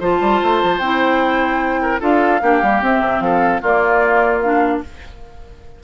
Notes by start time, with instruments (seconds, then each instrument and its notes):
0.00 bassoon F3, clarinet F4, oboe C5, flute A5
0.21 bassoon G3
0.43 bassoon A3
0.63 bassoon F3
0.79 bassoon C4, clarinet E4, flute G5
1.82 oboe A#4
2.00 bassoon D4, clarinet F4, oboe A4, flute F5
2.42 bassoon A#3, clarinet D4, oboe G4
2.62 bassoon G3, clarinet A#3
2.82 bassoon C4, clarinet C4, flute E5
3.00 bassoon C3
3.20 bassoon F3, oboe A4, flute F5
3.61 bassoon A#3, clarinet A#3, oboe F4, flute D5
4.40 clarinet D4, flute F5